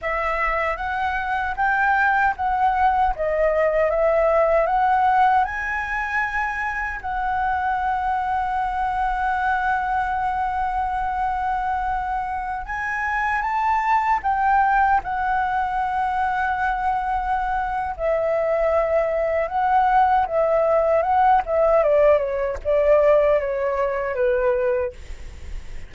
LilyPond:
\new Staff \with { instrumentName = "flute" } { \time 4/4 \tempo 4 = 77 e''4 fis''4 g''4 fis''4 | dis''4 e''4 fis''4 gis''4~ | gis''4 fis''2.~ | fis''1~ |
fis''16 gis''4 a''4 g''4 fis''8.~ | fis''2. e''4~ | e''4 fis''4 e''4 fis''8 e''8 | d''8 cis''8 d''4 cis''4 b'4 | }